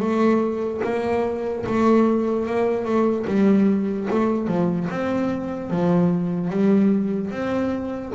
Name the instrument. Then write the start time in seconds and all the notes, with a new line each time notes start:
double bass
0.00 A3
0.84 A#3
1.67 A3
2.47 A#3
2.85 A3
3.27 G3
4.11 A3
4.48 F3
4.91 C4
5.71 F3
6.50 G3
7.32 C4